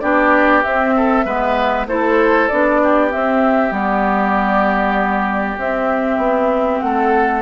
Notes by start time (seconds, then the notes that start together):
0.00 B3 D4 G4 D5
0.62 C4 E5
0.96 A4
1.25 G#3 B3 B4
1.86 A3 E4 A4 C5
2.48 B3 D4 D5
2.83 G4
3.10 C4 E5
3.71 G3 B3 D5
5.57 C4 E5
6.17 B3
6.80 A3 A4 F#5